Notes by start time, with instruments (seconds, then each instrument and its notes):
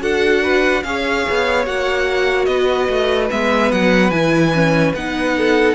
0.00 cello D4, viola F#4, violin A4 F#5
0.43 violin B4
0.84 cello C#4, viola G#4, violin C#5 F5
1.30 cello B3
1.66 cello A#3, viola F#4, violin F#5
2.46 cello B3, violin B4 D#5
2.89 cello A3
3.30 cello G#3, viola B3, violin E5
3.72 cello F#3, violin F#5
4.10 cello E3, viola E4, violin G#5
4.54 viola C#4
4.95 cello B3, viola D#4, violin F#5
5.38 violin A4